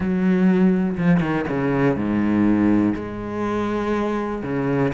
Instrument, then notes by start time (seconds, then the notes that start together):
cello
0.00 F#3
0.97 F3
1.20 D#3
1.48 C#3
1.95 G#2
2.95 G#3
4.43 C#3